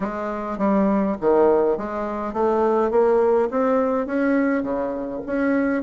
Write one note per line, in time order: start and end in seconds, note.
0.00 0.58 G#3
0.58 1.16 G3
1.20 1.77 D#3
1.77 2.33 G#3
2.33 2.90 A3
2.90 3.48 A#3
3.50 4.06 C4
4.06 4.62 C#4
4.62 5.21 C#3
5.26 5.83 C#4